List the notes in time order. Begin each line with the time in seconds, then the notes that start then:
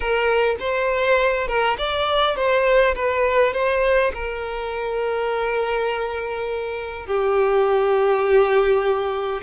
0.00 A#4
0.59 C5
1.47 A#4
1.78 D5
2.35 C5
2.95 B4
3.53 C5
4.14 A#4
7.06 G4